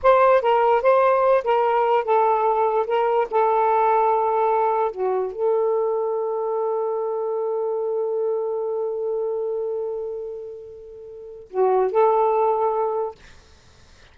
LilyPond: \new Staff \with { instrumentName = "saxophone" } { \time 4/4 \tempo 4 = 146 c''4 ais'4 c''4. ais'8~ | ais'4 a'2 ais'4 | a'1 | fis'4 a'2.~ |
a'1~ | a'1~ | a'1 | fis'4 a'2. | }